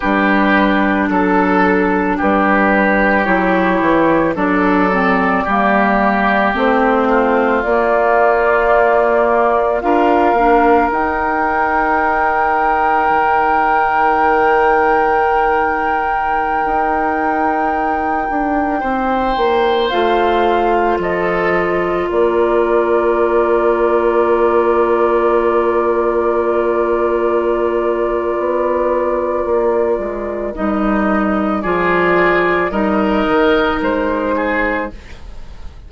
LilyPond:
<<
  \new Staff \with { instrumentName = "flute" } { \time 4/4 \tempo 4 = 55 b'4 a'4 b'4 cis''4 | d''2 c''4 d''4~ | d''4 f''4 g''2~ | g''1~ |
g''2~ g''16 f''4 dis''8.~ | dis''16 d''2.~ d''8.~ | d''1 | dis''4 d''4 dis''4 c''4 | }
  \new Staff \with { instrumentName = "oboe" } { \time 4/4 g'4 a'4 g'2 | a'4 g'4. f'4.~ | f'4 ais'2.~ | ais'1~ |
ais'4~ ais'16 c''2 a'8.~ | a'16 ais'2.~ ais'8.~ | ais'1~ | ais'4 gis'4 ais'4. gis'8 | }
  \new Staff \with { instrumentName = "clarinet" } { \time 4/4 d'2. e'4 | d'8 c'8 ais4 c'4 ais4~ | ais4 f'8 d'8 dis'2~ | dis'1~ |
dis'2~ dis'16 f'4.~ f'16~ | f'1~ | f'1 | dis'4 f'4 dis'2 | }
  \new Staff \with { instrumentName = "bassoon" } { \time 4/4 g4 fis4 g4 fis8 e8 | fis4 g4 a4 ais4~ | ais4 d'8 ais8 dis'2 | dis2.~ dis16 dis'8.~ |
dis'8. d'8 c'8 ais8 a4 f8.~ | f16 ais2.~ ais8.~ | ais2 b4 ais8 gis8 | g4 f4 g8 dis8 gis4 | }
>>